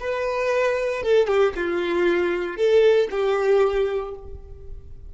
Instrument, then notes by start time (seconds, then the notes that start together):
violin
0.00 B4
1.03 A4
1.28 G4
1.56 F4
2.57 A4
3.11 G4